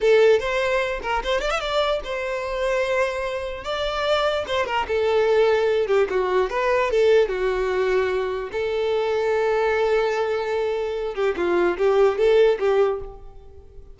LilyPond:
\new Staff \with { instrumentName = "violin" } { \time 4/4 \tempo 4 = 148 a'4 c''4. ais'8 c''8 d''16 e''16 | d''4 c''2.~ | c''4 d''2 c''8 ais'8 | a'2~ a'8 g'8 fis'4 |
b'4 a'4 fis'2~ | fis'4 a'2.~ | a'2.~ a'8 g'8 | f'4 g'4 a'4 g'4 | }